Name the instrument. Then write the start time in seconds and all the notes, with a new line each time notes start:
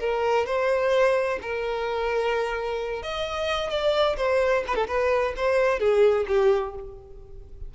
violin
0.00 A#4
0.46 C5
1.42 A#4
3.03 D#5
3.70 D5
4.17 C5
4.67 B4
4.75 A4
4.88 B4
5.37 C5
5.79 G#4
6.28 G4